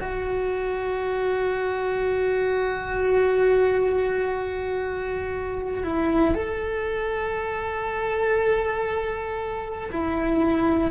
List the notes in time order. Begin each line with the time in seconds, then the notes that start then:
0.00 F#4
5.83 E4
6.34 A4
9.91 E4